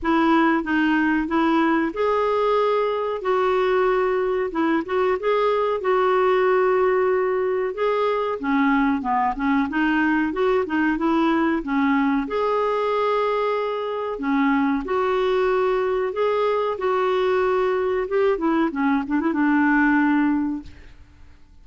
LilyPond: \new Staff \with { instrumentName = "clarinet" } { \time 4/4 \tempo 4 = 93 e'4 dis'4 e'4 gis'4~ | gis'4 fis'2 e'8 fis'8 | gis'4 fis'2. | gis'4 cis'4 b8 cis'8 dis'4 |
fis'8 dis'8 e'4 cis'4 gis'4~ | gis'2 cis'4 fis'4~ | fis'4 gis'4 fis'2 | g'8 e'8 cis'8 d'16 e'16 d'2 | }